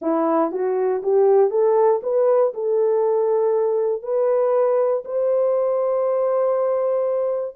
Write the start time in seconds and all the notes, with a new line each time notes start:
0.01 E4
0.51 F#4
1.02 G4
1.50 A4
2.02 B4
2.53 A4
4.02 B4
5.04 C5